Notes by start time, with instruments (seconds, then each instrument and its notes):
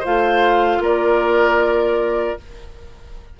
0.00 bassoon A3, clarinet F4, oboe C5, flute F5
0.79 bassoon A#3, oboe A#4, flute D5